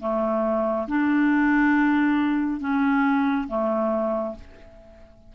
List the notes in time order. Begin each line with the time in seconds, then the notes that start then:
0.00 A3
0.88 D4
2.60 C#4
3.48 A3